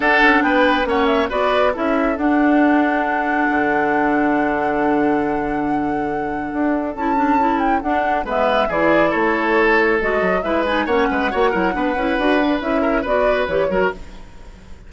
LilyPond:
<<
  \new Staff \with { instrumentName = "flute" } { \time 4/4 \tempo 4 = 138 fis''4 g''4 fis''8 e''8 d''4 | e''4 fis''2.~ | fis''1~ | fis''1 |
a''4. g''8 fis''4 e''4 | d''4 cis''2 dis''4 | e''8 gis''8 fis''2.~ | fis''4 e''4 d''4 cis''4 | }
  \new Staff \with { instrumentName = "oboe" } { \time 4/4 a'4 b'4 cis''4 b'4 | a'1~ | a'1~ | a'1~ |
a'2. b'4 | gis'4 a'2. | b'4 cis''8 b'8 cis''8 ais'8 b'4~ | b'4. ais'8 b'4. ais'8 | }
  \new Staff \with { instrumentName = "clarinet" } { \time 4/4 d'2 cis'4 fis'4 | e'4 d'2.~ | d'1~ | d'1 |
e'8 d'8 e'4 d'4 b4 | e'2. fis'4 | e'8 dis'8 cis'4 fis'8 e'8 d'8 e'8 | fis'8 d'8 e'4 fis'4 g'8 fis'8 | }
  \new Staff \with { instrumentName = "bassoon" } { \time 4/4 d'8 cis'8 b4 ais4 b4 | cis'4 d'2. | d1~ | d2. d'4 |
cis'2 d'4 gis4 | e4 a2 gis8 fis8 | gis4 ais8 gis8 ais8 fis8 b8 cis'8 | d'4 cis'4 b4 e8 fis8 | }
>>